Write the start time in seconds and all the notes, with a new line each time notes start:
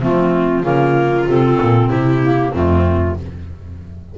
0.00 F3 A3 C4 F4
0.63 C#3 A#3 F4 A#4
1.26 C3 C4 A4
1.62 A#2
1.89 C3 E4 G4
2.23 A#3
2.52 F2 A3 C4 F4